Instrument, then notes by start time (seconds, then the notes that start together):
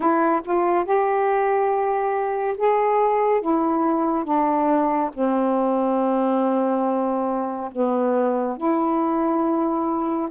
saxophone
0.00 E4
0.44 F4
0.85 G4
2.57 G#4
3.41 E4
4.24 D4
5.13 C4
7.71 B3
8.57 E4